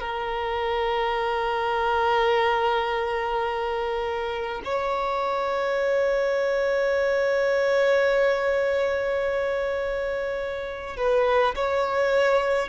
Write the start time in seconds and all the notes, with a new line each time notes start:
0.00 A#4
4.65 C#5
10.97 B4
11.55 C#5